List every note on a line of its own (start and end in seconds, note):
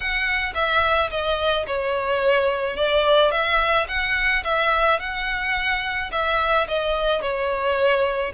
0.00 0.53 F#5
0.54 1.10 E5
1.10 1.66 D#5
1.66 2.76 C#5
2.76 3.31 D5
3.31 3.86 E5
3.88 4.43 F#5
4.44 4.99 E5
4.99 6.10 F#5
6.11 6.67 E5
6.68 7.21 D#5
7.21 8.32 C#5